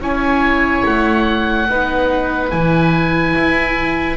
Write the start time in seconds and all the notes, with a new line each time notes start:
0.00 C#4 E4 C#5 G#5
0.86 A3 F#5
1.69 B3 D#4 B4
2.50 E3 E4 G#5
3.37 E4